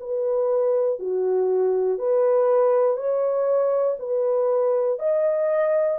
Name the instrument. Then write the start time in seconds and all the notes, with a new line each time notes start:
horn
0.00 B4
0.99 F#4
1.99 B4
2.97 C#5
3.99 B4
5.00 D#5